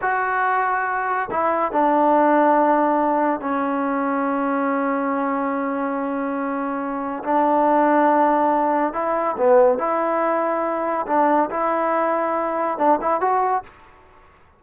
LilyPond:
\new Staff \with { instrumentName = "trombone" } { \time 4/4 \tempo 4 = 141 fis'2. e'4 | d'1 | cis'1~ | cis'1~ |
cis'4 d'2.~ | d'4 e'4 b4 e'4~ | e'2 d'4 e'4~ | e'2 d'8 e'8 fis'4 | }